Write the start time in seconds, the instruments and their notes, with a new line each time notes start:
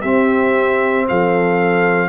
0.00 trombone C4, tuba C4, horn G4, trumpet E5
1.08 tuba F3, horn A4, trumpet F5